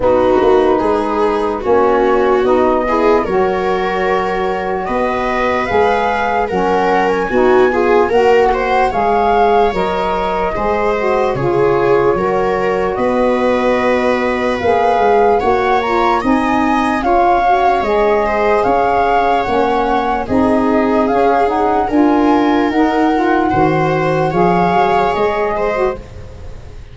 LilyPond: <<
  \new Staff \with { instrumentName = "flute" } { \time 4/4 \tempo 4 = 74 b'2 cis''4 dis''4 | cis''2 dis''4 f''4 | fis''8. gis''4~ gis''16 fis''4 f''4 | dis''2 cis''2 |
dis''2 f''4 fis''8 ais''8 | gis''4 f''4 dis''4 f''4 | fis''4 dis''4 f''8 fis''8 gis''4 | fis''2 f''4 dis''4 | }
  \new Staff \with { instrumentName = "viola" } { \time 4/4 fis'4 gis'4 fis'4. gis'8 | ais'2 b'2 | ais'4 fis'8 gis'8 ais'8 c''8 cis''4~ | cis''4 c''4 gis'4 ais'4 |
b'2. cis''4 | dis''4 cis''4. c''8 cis''4~ | cis''4 gis'2 ais'4~ | ais'4 c''4 cis''4. c''8 | }
  \new Staff \with { instrumentName = "saxophone" } { \time 4/4 dis'2 cis'4 dis'8 e'8 | fis'2. gis'4 | cis'4 dis'8 f'8 fis'4 gis'4 | ais'4 gis'8 fis'8 f'4 fis'4~ |
fis'2 gis'4 fis'8 f'8 | dis'4 f'8 fis'8 gis'2 | cis'4 dis'4 cis'8 dis'8 f'4 | dis'8 f'8 fis'4 gis'4.~ gis'16 fis'16 | }
  \new Staff \with { instrumentName = "tuba" } { \time 4/4 b8 ais8 gis4 ais4 b4 | fis2 b4 gis4 | fis4 b4 ais4 gis4 | fis4 gis4 cis4 fis4 |
b2 ais8 gis8 ais4 | c'4 cis'4 gis4 cis'4 | ais4 c'4 cis'4 d'4 | dis'4 dis4 f8 fis8 gis4 | }
>>